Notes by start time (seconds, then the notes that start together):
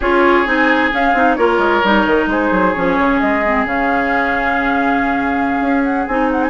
0.00 C#4 F4 G#4 C#5
0.45 C4 D#4 G#5
0.91 C#4 F5
1.13 C4 D#4
1.35 A#3 F4 A#4 C#5
1.58 G#3
1.84 G3 D#4
2.06 D#3
2.26 G#3 G#4 C5
2.51 F#3
2.73 F3 C#4 C#5
2.98 C#3
3.19 G#3 D#5
3.45 C4
3.65 C#3 C#4 F5
5.60 C#4
5.83 F#5
6.07 C4 D#4 G#5
6.31 F#5
6.43 G#5